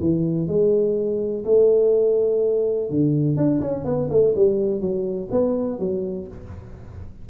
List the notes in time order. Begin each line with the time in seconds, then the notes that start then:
0.00 E3
0.47 G#3
1.45 A3
2.90 D3
3.36 D4
3.61 C#4
3.85 B3
4.10 A3
4.35 G3
4.80 F#3
5.31 B3
5.79 F#3